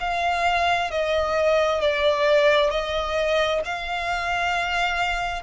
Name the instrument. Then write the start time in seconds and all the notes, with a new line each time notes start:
violin
0.00 F5
0.91 D#5
1.81 D5
2.70 D#5
3.65 F5